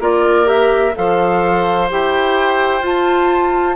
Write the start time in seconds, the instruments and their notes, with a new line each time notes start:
0.00 bassoon A#3, clarinet F4, oboe A#4, flute D5
0.45 clarinet G4, flute E5
0.95 bassoon F3, clarinet A4, oboe C5, flute F5
1.90 bassoon E4, clarinet G4, flute G5
2.81 bassoon F4, clarinet F4, flute A5